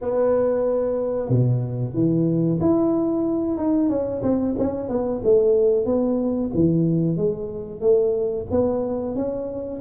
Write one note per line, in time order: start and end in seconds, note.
0.01 1.29 B3
1.29 1.94 B2
1.94 2.59 E3
2.60 3.57 E4
3.57 3.89 D#4
3.89 4.22 C#4
4.22 4.55 C4
4.58 4.89 C#4
4.89 5.21 B3
5.24 5.85 A3
5.85 6.50 B3
6.54 7.16 E3
7.16 7.81 G#3
7.81 8.46 A3
8.50 9.15 B3
9.15 9.81 C#4